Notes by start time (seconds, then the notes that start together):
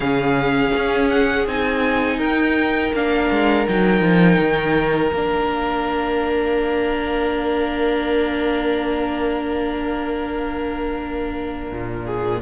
0.00 C#3 C#4 G#4 F5
0.76 C#4
1.10 F#5
1.46 C4 D#4 G#5
2.18 D#4 A#4 G5
2.93 A#3 D4 F5
3.30 G#3
3.67 F#3 D#4 G5
4.00 F3
4.38 D#3
5.11 A#3 D4 F5
11.72 A#2
12.05 G#4